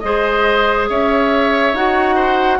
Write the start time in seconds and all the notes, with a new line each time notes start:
0.00 G#3 G#4 C5 D#5
0.89 C#4 C#5 E5
1.74 D#4 F#4 F#5
2.16 C5